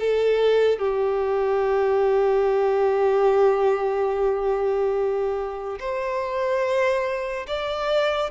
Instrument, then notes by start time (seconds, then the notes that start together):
violin
0.00 A4
0.79 G4
5.80 C5
7.47 D5